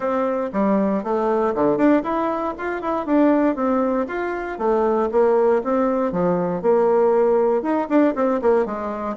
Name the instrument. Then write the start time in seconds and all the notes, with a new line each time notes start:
bassoon
0.00 C4
0.52 G3
1.03 A3
1.55 D3
1.77 D4
2.03 E4
2.58 F4
2.81 E4
3.06 D4
3.55 C4
4.07 F4
4.58 A3
5.11 A#3
5.63 C4
6.12 F3
6.62 A#3
7.62 D#4
7.89 D4
8.15 C4
8.41 A#3
8.65 G#3